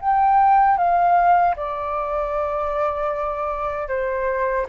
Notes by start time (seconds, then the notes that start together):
0.00 G5
0.77 F5
1.55 D5
3.88 C5